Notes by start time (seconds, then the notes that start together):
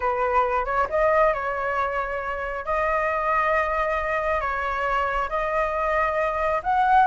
0.00 B4
0.65 C#5
0.89 D#5
1.33 C#5
2.65 D#5
4.40 C#5
5.29 D#5
6.63 F#5